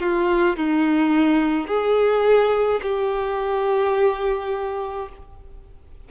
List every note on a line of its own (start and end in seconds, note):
0.00 0.57 F4
0.57 1.68 D#4
1.68 2.81 G#4
2.83 5.09 G4